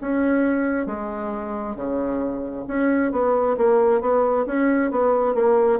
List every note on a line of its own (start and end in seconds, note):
0.00 0.85 C#4
0.85 1.75 G#3
1.75 2.65 C#3
2.67 3.11 C#4
3.11 3.56 B3
3.57 4.01 A#3
4.01 4.45 B3
4.46 4.91 C#4
4.91 5.34 B3
5.34 5.79 A#3